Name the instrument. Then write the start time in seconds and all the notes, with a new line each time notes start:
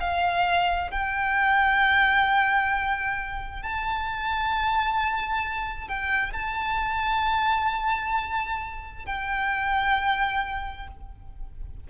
violin
0.00 F5
0.91 G5
3.62 A5
5.88 G5
6.33 A5
9.06 G5